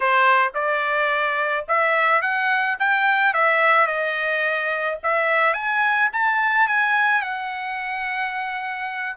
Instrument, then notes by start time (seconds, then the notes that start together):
trumpet
0.00 C5
0.54 D5
1.68 E5
2.21 F#5
2.79 G5
3.33 E5
3.87 D#5
5.03 E5
5.53 G#5
6.13 A5
6.67 G#5
7.21 F#5